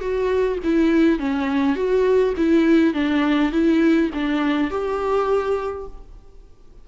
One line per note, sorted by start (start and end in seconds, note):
0.00 0.58 F#4
0.64 1.19 E4
1.19 1.75 C#4
1.75 2.34 F#4
2.36 2.94 E4
2.94 3.52 D4
3.52 4.10 E4
4.14 4.70 D4
4.70 5.87 G4